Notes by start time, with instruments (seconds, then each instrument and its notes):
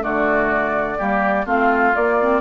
0.00 bassoon D3, clarinet A3, oboe F#4, flute D5
0.98 bassoon G3, clarinet A#3, oboe G4
1.46 bassoon A3, clarinet C4, oboe F4, flute F5
1.96 bassoon A#3, clarinet A#3, flute D5
2.21 clarinet C4